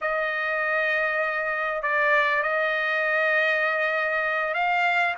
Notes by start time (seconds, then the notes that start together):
0.01 D#5
1.82 D5
2.42 D#5
4.54 F5